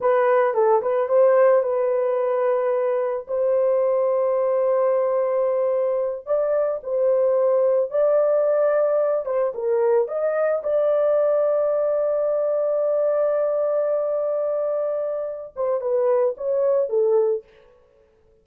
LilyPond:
\new Staff \with { instrumentName = "horn" } { \time 4/4 \tempo 4 = 110 b'4 a'8 b'8 c''4 b'4~ | b'2 c''2~ | c''2.~ c''8 d''8~ | d''8 c''2 d''4.~ |
d''4 c''8 ais'4 dis''4 d''8~ | d''1~ | d''1~ | d''8 c''8 b'4 cis''4 a'4 | }